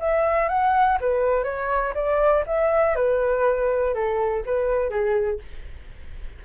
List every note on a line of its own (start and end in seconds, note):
0.00 0.49 E5
0.49 0.98 F#5
1.01 1.44 B4
1.44 1.94 C#5
1.95 2.45 D5
2.47 2.95 E5
2.95 3.94 B4
3.94 4.44 A4
4.46 4.90 B4
4.90 5.40 G#4